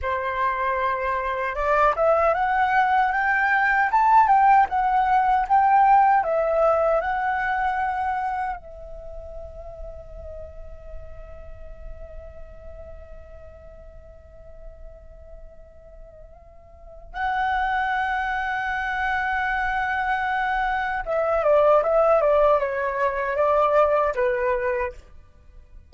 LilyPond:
\new Staff \with { instrumentName = "flute" } { \time 4/4 \tempo 4 = 77 c''2 d''8 e''8 fis''4 | g''4 a''8 g''8 fis''4 g''4 | e''4 fis''2 e''4~ | e''1~ |
e''1~ | e''2 fis''2~ | fis''2. e''8 d''8 | e''8 d''8 cis''4 d''4 b'4 | }